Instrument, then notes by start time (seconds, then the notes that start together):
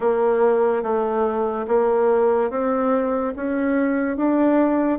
bassoon
0.00 A#3
0.83 A3
1.67 A#3
2.50 C4
3.36 C#4
4.16 D4